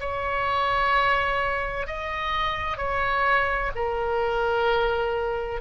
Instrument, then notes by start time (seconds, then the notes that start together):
oboe
0.00 C#5
1.87 D#5
2.77 C#5
3.75 A#4